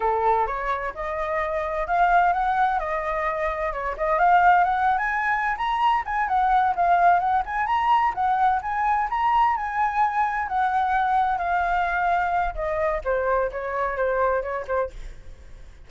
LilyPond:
\new Staff \with { instrumentName = "flute" } { \time 4/4 \tempo 4 = 129 a'4 cis''4 dis''2 | f''4 fis''4 dis''2 | cis''8 dis''8 f''4 fis''8. gis''4~ gis''16 | ais''4 gis''8 fis''4 f''4 fis''8 |
gis''8 ais''4 fis''4 gis''4 ais''8~ | ais''8 gis''2 fis''4.~ | fis''8 f''2~ f''8 dis''4 | c''4 cis''4 c''4 cis''8 c''8 | }